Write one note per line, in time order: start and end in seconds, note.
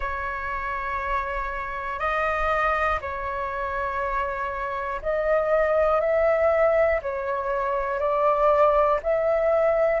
0.00 1.99 C#5
1.99 2.99 D#5
3.00 5.00 C#5
5.02 6.00 D#5
6.00 7.00 E5
7.02 8.00 C#5
8.00 9.00 D5
9.02 10.00 E5